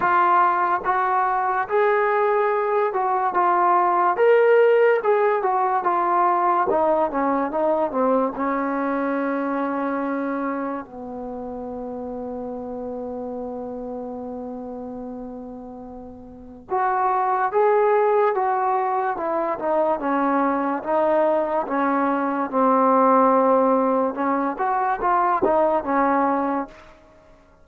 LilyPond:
\new Staff \with { instrumentName = "trombone" } { \time 4/4 \tempo 4 = 72 f'4 fis'4 gis'4. fis'8 | f'4 ais'4 gis'8 fis'8 f'4 | dis'8 cis'8 dis'8 c'8 cis'2~ | cis'4 b2.~ |
b1 | fis'4 gis'4 fis'4 e'8 dis'8 | cis'4 dis'4 cis'4 c'4~ | c'4 cis'8 fis'8 f'8 dis'8 cis'4 | }